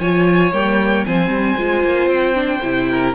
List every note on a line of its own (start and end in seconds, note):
0.00 0.53 F3
0.00 0.54 F4
0.00 1.06 C#5
0.00 0.53 G#5
0.53 1.05 G3
0.53 1.06 A#3
0.53 1.06 G5
1.06 1.28 F3
1.06 1.58 C4
1.06 2.91 C5
1.06 2.09 G#5
1.28 1.54 G3
1.58 1.84 G#3
1.58 2.35 F4
1.84 2.07 A#3
2.07 2.60 C4
2.07 3.14 G5
2.35 2.61 D4
2.64 3.15 C3
2.64 3.15 E4
2.91 3.15 A#4